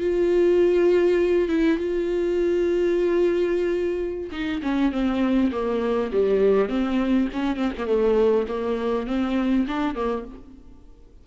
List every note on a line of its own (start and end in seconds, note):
0.00 1.48 F4
1.48 1.77 E4
1.77 4.30 F4
4.32 4.61 D#4
4.62 4.91 C#4
4.91 5.51 C4
5.52 6.11 A#3
6.12 6.69 G3
6.69 7.28 C4
7.33 7.56 C#4
7.56 7.71 C4
7.77 7.87 A#3
7.87 8.46 A3
8.48 9.07 A#3
9.07 9.66 C4
9.67 9.95 D4
9.95 10.24 A#3